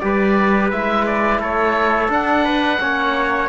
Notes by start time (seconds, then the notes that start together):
0.00 G3 G4 B4 D5
0.71 G#3 E4 E5
1.06 D5
1.40 A3 A4 C#5
2.09 D4 F#5
2.45 B4
2.80 A#3 C#4 C#5